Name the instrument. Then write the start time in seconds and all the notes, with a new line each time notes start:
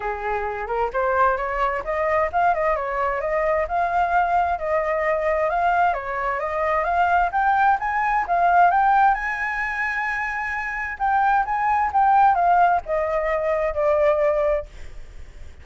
flute
0.00 G#4
0.67 A#4
0.93 C5
1.37 C#5
1.84 D#5
2.32 F5
2.54 D#5
2.76 C#5
3.21 D#5
3.68 F5
4.58 D#5
5.49 F5
5.93 C#5
6.39 D#5
6.84 F5
7.32 G5
7.79 G#5
8.27 F5
8.70 G5
9.14 G#5
10.99 G5
11.45 G#5
11.93 G5
12.35 F5
12.85 D#5
13.74 D5